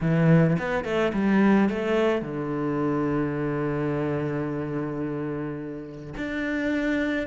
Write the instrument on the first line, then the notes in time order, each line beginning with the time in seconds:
cello
0.01 E3
0.58 B3
0.84 A3
1.13 G3
1.69 A3
2.21 D3
6.17 D4